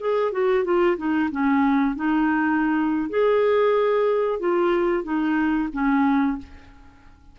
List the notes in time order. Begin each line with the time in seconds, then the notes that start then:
0.00 G#4
0.32 F#4
0.64 F4
0.97 D#4
1.31 C#4
1.95 D#4
3.09 G#4
4.40 F4
5.03 D#4
5.73 C#4